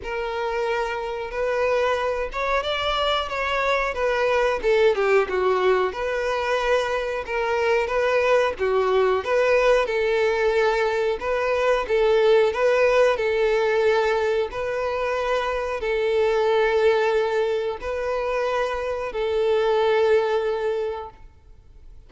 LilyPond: \new Staff \with { instrumentName = "violin" } { \time 4/4 \tempo 4 = 91 ais'2 b'4. cis''8 | d''4 cis''4 b'4 a'8 g'8 | fis'4 b'2 ais'4 | b'4 fis'4 b'4 a'4~ |
a'4 b'4 a'4 b'4 | a'2 b'2 | a'2. b'4~ | b'4 a'2. | }